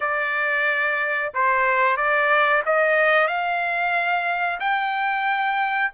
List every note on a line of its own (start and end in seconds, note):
0.00 1.32 D5
1.34 1.96 C5
1.96 2.62 D5
2.65 3.27 D#5
3.27 4.59 F5
4.59 5.91 G5